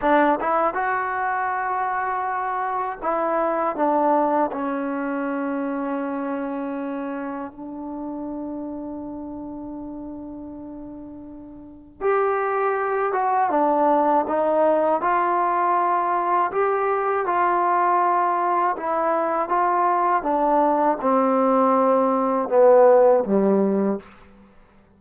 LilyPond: \new Staff \with { instrumentName = "trombone" } { \time 4/4 \tempo 4 = 80 d'8 e'8 fis'2. | e'4 d'4 cis'2~ | cis'2 d'2~ | d'1 |
g'4. fis'8 d'4 dis'4 | f'2 g'4 f'4~ | f'4 e'4 f'4 d'4 | c'2 b4 g4 | }